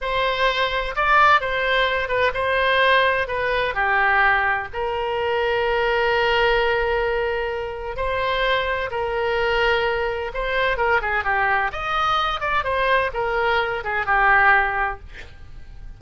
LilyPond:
\new Staff \with { instrumentName = "oboe" } { \time 4/4 \tempo 4 = 128 c''2 d''4 c''4~ | c''8 b'8 c''2 b'4 | g'2 ais'2~ | ais'1~ |
ais'4 c''2 ais'4~ | ais'2 c''4 ais'8 gis'8 | g'4 dis''4. d''8 c''4 | ais'4. gis'8 g'2 | }